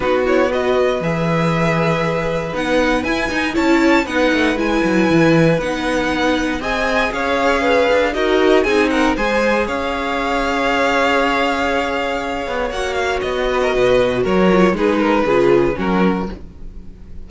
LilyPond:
<<
  \new Staff \with { instrumentName = "violin" } { \time 4/4 \tempo 4 = 118 b'8 cis''8 dis''4 e''2~ | e''4 fis''4 gis''4 a''4 | fis''4 gis''2 fis''4~ | fis''4 gis''4 f''2 |
dis''4 gis''8 fis''8 gis''4 f''4~ | f''1~ | f''4 fis''8 f''8 dis''2 | cis''4 b'2 ais'4 | }
  \new Staff \with { instrumentName = "violin" } { \time 4/4 fis'4 b'2.~ | b'2. cis''4 | b'1~ | b'4 dis''4 cis''4 b'4 |
ais'4 gis'8 ais'8 c''4 cis''4~ | cis''1~ | cis''2~ cis''8 b'16 ais'16 b'4 | ais'4 gis'8 ais'8 gis'4 fis'4 | }
  \new Staff \with { instrumentName = "viola" } { \time 4/4 dis'8 e'8 fis'4 gis'2~ | gis'4 dis'4 e'8 dis'8 e'4 | dis'4 e'2 dis'4~ | dis'4 gis'2. |
fis'4 dis'4 gis'2~ | gis'1~ | gis'4 fis'2.~ | fis'8 f'8 dis'4 f'4 cis'4 | }
  \new Staff \with { instrumentName = "cello" } { \time 4/4 b2 e2~ | e4 b4 e'8 dis'8 cis'4 | b8 a8 gis8 fis8 e4 b4~ | b4 c'4 cis'4. d'8 |
dis'4 c'4 gis4 cis'4~ | cis'1~ | cis'8 b8 ais4 b4 b,4 | fis4 gis4 cis4 fis4 | }
>>